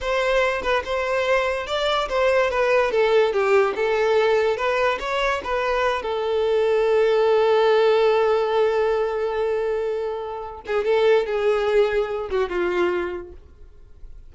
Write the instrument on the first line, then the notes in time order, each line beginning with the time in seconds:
violin
0.00 C5
0.62 B4
0.84 C5
1.66 D5
2.09 C5
2.50 B4
2.91 A4
3.32 G4
3.75 A4
4.56 B4
4.99 C#5
5.44 B4
6.02 A4
10.66 G#4
10.84 A4
11.26 G#4
12.30 F#4
12.49 F4